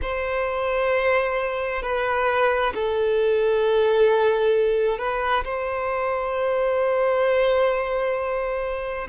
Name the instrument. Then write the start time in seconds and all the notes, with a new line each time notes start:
violin
0.02 C5
1.82 B4
2.74 A4
4.98 B4
5.44 C5